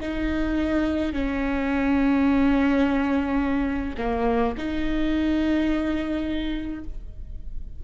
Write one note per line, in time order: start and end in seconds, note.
0.00 1.13 D#4
1.13 3.96 C#4
3.98 4.54 A#3
4.57 6.84 D#4